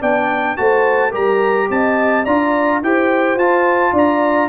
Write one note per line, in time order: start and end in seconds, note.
0.00 0.58 B3
0.00 0.57 D4
0.00 0.56 D5
0.00 0.57 G5
0.57 1.14 A3
0.57 1.12 F#4
0.57 1.11 C5
0.57 1.13 A5
1.11 1.70 G3
1.11 2.24 G4
1.11 1.67 A#4
1.11 1.71 A#5
1.70 2.26 C4
1.70 2.25 D#5
1.70 2.26 A5
2.25 2.83 D4
2.25 2.83 F4
2.25 2.81 D5
2.25 2.82 A#5
2.83 3.36 E4
2.83 3.40 G4
2.83 3.93 C5
2.83 3.39 G5
3.36 3.92 F4
3.36 4.50 F4
3.36 3.95 A5
3.93 4.49 D4
3.93 4.49 D5
3.93 4.50 A#5